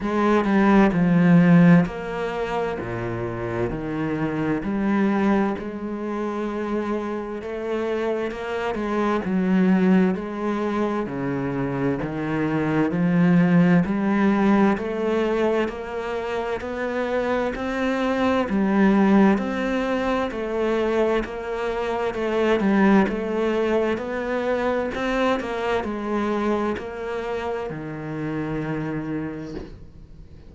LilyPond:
\new Staff \with { instrumentName = "cello" } { \time 4/4 \tempo 4 = 65 gis8 g8 f4 ais4 ais,4 | dis4 g4 gis2 | a4 ais8 gis8 fis4 gis4 | cis4 dis4 f4 g4 |
a4 ais4 b4 c'4 | g4 c'4 a4 ais4 | a8 g8 a4 b4 c'8 ais8 | gis4 ais4 dis2 | }